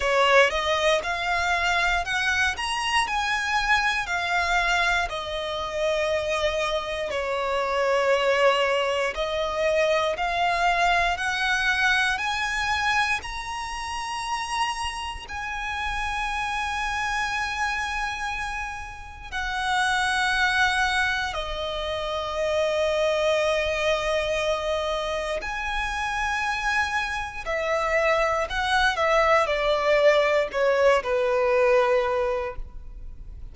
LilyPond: \new Staff \with { instrumentName = "violin" } { \time 4/4 \tempo 4 = 59 cis''8 dis''8 f''4 fis''8 ais''8 gis''4 | f''4 dis''2 cis''4~ | cis''4 dis''4 f''4 fis''4 | gis''4 ais''2 gis''4~ |
gis''2. fis''4~ | fis''4 dis''2.~ | dis''4 gis''2 e''4 | fis''8 e''8 d''4 cis''8 b'4. | }